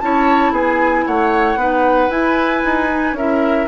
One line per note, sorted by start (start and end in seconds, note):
0.00 0.51 C#4
0.00 1.59 E4
0.00 0.52 C#5
0.00 0.53 A5
0.51 1.04 B3
0.51 1.05 G#4
0.51 1.06 G#5
1.06 1.55 A3
1.06 1.59 C#5
1.06 2.10 F#5
1.55 2.08 B3
1.55 2.10 D#4
1.55 3.17 B4
2.09 2.62 E4
2.09 2.89 E4
2.09 3.15 G#5
2.64 3.13 D#4
2.89 3.15 D#4
3.13 3.65 C#4
3.13 3.68 E4
3.13 3.68 A#4
3.13 3.68 E5